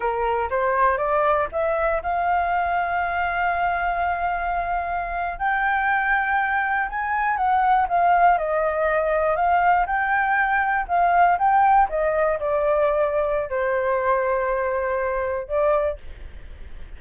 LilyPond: \new Staff \with { instrumentName = "flute" } { \time 4/4 \tempo 4 = 120 ais'4 c''4 d''4 e''4 | f''1~ | f''2~ f''8. g''4~ g''16~ | g''4.~ g''16 gis''4 fis''4 f''16~ |
f''8. dis''2 f''4 g''16~ | g''4.~ g''16 f''4 g''4 dis''16~ | dis''8. d''2~ d''16 c''4~ | c''2. d''4 | }